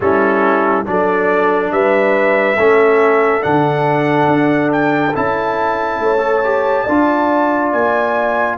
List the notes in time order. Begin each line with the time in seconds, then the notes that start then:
0.00 G3 C#4 E4 A4
0.85 F#3 D4 A4 D5
1.71 G3 B4 E5
2.57 A3 C#4 A4
3.40 D3 D4 F#5
4.27 D4
4.71 G5
5.15 C#4 E4 A5
5.99 A3 C#5
6.18 A4
6.44 G4
6.84 D4 F4 D5
7.72 A#3 G#5